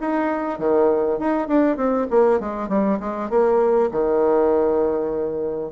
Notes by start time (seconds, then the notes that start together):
0.00 D#4
0.58 D#3
1.19 D#4
1.48 D4
1.77 C4
2.10 A#3
2.40 G#3
2.69 G3
3.00 G#3
3.29 A#3
3.91 D#3